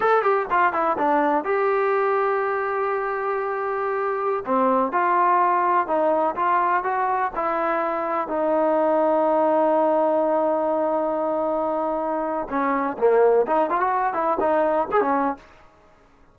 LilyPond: \new Staff \with { instrumentName = "trombone" } { \time 4/4 \tempo 4 = 125 a'8 g'8 f'8 e'8 d'4 g'4~ | g'1~ | g'4~ g'16 c'4 f'4.~ f'16~ | f'16 dis'4 f'4 fis'4 e'8.~ |
e'4~ e'16 dis'2~ dis'8.~ | dis'1~ | dis'2 cis'4 ais4 | dis'8 f'16 fis'8. e'8 dis'4 gis'16 cis'8. | }